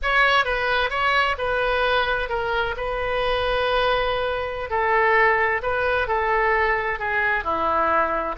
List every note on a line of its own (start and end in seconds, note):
0.02 0.44 C#5
0.44 0.90 B4
0.90 1.35 C#5
1.38 2.29 B4
2.29 2.75 A#4
2.76 4.70 B4
4.70 5.61 A4
5.62 6.07 B4
6.07 6.99 A4
6.99 7.43 G#4
7.43 8.35 E4